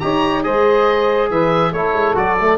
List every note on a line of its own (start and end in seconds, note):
0.00 0.46 D#4
0.00 0.44 G4
0.00 0.45 C#5
0.00 0.43 A#5
0.44 1.31 G#3
0.44 1.72 G#4
0.44 1.30 C5
0.44 1.30 D#5
1.30 1.73 E3
1.30 1.73 B4
1.30 1.73 E5
1.73 1.94 A3
1.73 2.15 E4
1.73 2.58 A4
1.73 2.16 C#5
1.94 2.15 G#3
2.15 2.58 F#3
2.15 2.36 F#4
2.15 2.58 D5
2.40 2.58 A3